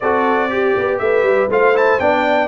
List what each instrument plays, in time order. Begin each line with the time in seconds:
0.00 tuba C4, trombone F#4, horn A4, trumpet D5
0.49 trombone G4, horn G4
0.77 tuba B3
0.98 tuba A3, horn B4, trumpet E5
1.22 tuba G3
1.49 tuba A3, trombone F4, horn C5, trumpet F5
1.74 trombone E4, trumpet A5
1.99 tuba B3, trombone D4, horn D5, trumpet G5